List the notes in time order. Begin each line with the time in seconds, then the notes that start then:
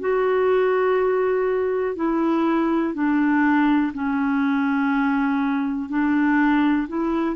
0.00 F#4
1.96 E4
2.94 D4
3.94 C#4
5.89 D4
6.88 E4